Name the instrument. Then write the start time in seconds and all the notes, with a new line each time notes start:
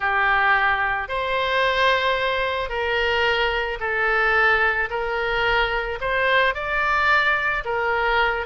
oboe
0.00 G4
1.08 C5
2.69 A#4
3.80 A4
4.89 A#4
6.00 C5
6.54 D5
7.65 A#4